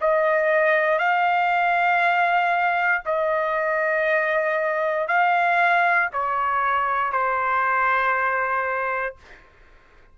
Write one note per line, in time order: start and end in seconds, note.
0.00 0.98 D#5
0.98 3.02 F5
3.05 5.08 D#5
5.08 6.09 F5
6.12 7.12 C#5
7.12 9.15 C5